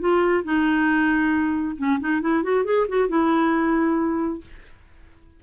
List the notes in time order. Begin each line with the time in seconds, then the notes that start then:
0.00 F4
0.44 D#4
1.77 C#4
2.00 D#4
2.21 E4
2.43 F#4
2.65 G#4
2.89 F#4
3.09 E4